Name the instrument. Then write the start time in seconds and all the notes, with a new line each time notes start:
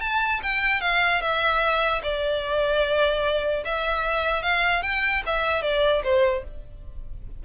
violin
0.00 A5
0.42 G5
0.81 F5
1.21 E5
2.02 D5
3.65 E5
4.42 F5
4.82 G5
5.26 E5
5.62 D5
6.03 C5